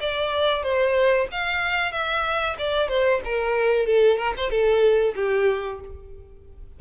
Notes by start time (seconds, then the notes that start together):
0.00 D5
0.62 C5
1.31 F5
1.91 E5
2.57 D5
2.88 C5
3.24 A#4
3.86 A4
4.17 A#4
4.37 C5
4.50 A4
5.15 G4